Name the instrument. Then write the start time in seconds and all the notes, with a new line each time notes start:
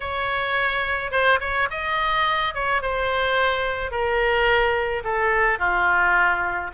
oboe
0.00 C#5
1.11 C5
1.40 C#5
1.70 D#5
2.54 C#5
2.82 C5
3.91 A#4
5.03 A4
5.58 F4